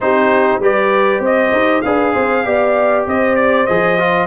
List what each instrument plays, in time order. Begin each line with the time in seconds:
0.00 tuba C4, trombone D#4, horn G4, trumpet C5
0.58 tuba G3, trombone G4, horn B4, trumpet D5
1.19 tuba C4, horn C5, trumpet D#5
1.52 tuba D#4
1.81 tuba D4, trombone G#4, horn B4, trumpet F5
2.12 tuba C4, horn C5
2.44 tuba B3, trombone G4, horn D5
3.06 tuba C4, horn C5, trumpet D#5
3.35 trumpet D5
3.66 tuba F3, trombone G#4, trumpet D#5
3.99 trombone F4